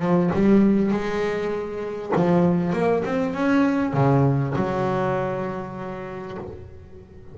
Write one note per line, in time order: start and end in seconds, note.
0.00 0.30 F3
0.33 0.91 G3
0.91 2.12 G#3
2.15 2.73 F3
2.73 3.03 A#3
3.05 3.34 C4
3.34 3.93 C#4
3.93 4.54 C#3
4.56 6.37 F#3